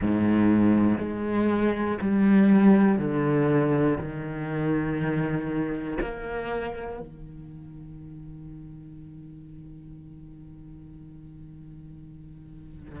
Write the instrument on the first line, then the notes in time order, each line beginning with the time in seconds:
cello
0.00 G#2
0.98 G#3
2.01 G3
2.98 D3
3.98 D#3
6.00 A#3
7.00 D#3